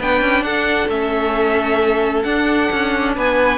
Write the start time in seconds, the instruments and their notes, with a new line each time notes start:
0.00 cello B3, viola D4, violin B4 G5
0.22 cello C#4
0.43 cello D4, violin A4 F#5
0.89 cello A3, viola C#4, violin E5
2.23 viola D4, cello D4, violin F#5
2.73 cello C#4
3.16 cello B3, violin B4 G#5